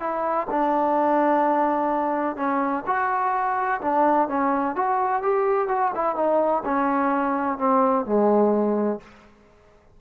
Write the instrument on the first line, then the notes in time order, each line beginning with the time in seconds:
trombone
0.00 E4
0.50 D4
2.36 C#4
2.86 F#4
3.81 D4
4.28 C#4
4.76 F#4
5.22 G4
5.68 F#4
5.95 E4
6.16 D#4
6.65 C#4
7.58 C4
8.06 G#3